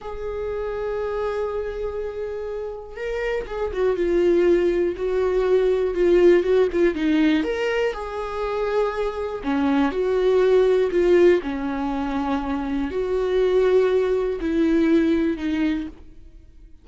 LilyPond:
\new Staff \with { instrumentName = "viola" } { \time 4/4 \tempo 4 = 121 gis'1~ | gis'2 ais'4 gis'8 fis'8 | f'2 fis'2 | f'4 fis'8 f'8 dis'4 ais'4 |
gis'2. cis'4 | fis'2 f'4 cis'4~ | cis'2 fis'2~ | fis'4 e'2 dis'4 | }